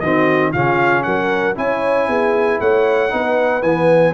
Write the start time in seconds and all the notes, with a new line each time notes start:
0.00 D#3 C4 F#4 D#5
0.51 C#3 C#4 F4 F5
1.03 F#3 A#4 F#5
1.55 C#4 E4 C#5 G#5
2.08 B3 G#4
2.60 A3 C#5 F#5
3.10 B3 D#4 B4
3.62 E3 B3 G#5